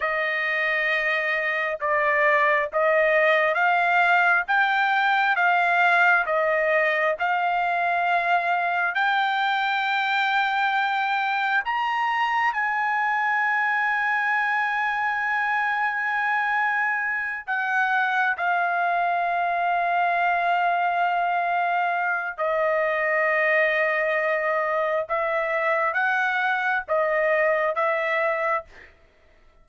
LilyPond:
\new Staff \with { instrumentName = "trumpet" } { \time 4/4 \tempo 4 = 67 dis''2 d''4 dis''4 | f''4 g''4 f''4 dis''4 | f''2 g''2~ | g''4 ais''4 gis''2~ |
gis''2.~ gis''8 fis''8~ | fis''8 f''2.~ f''8~ | f''4 dis''2. | e''4 fis''4 dis''4 e''4 | }